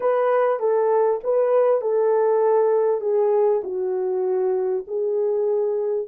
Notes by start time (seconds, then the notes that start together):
0.00 B4
0.59 A4
1.23 B4
1.81 A4
3.01 G#4
3.63 F#4
4.87 G#4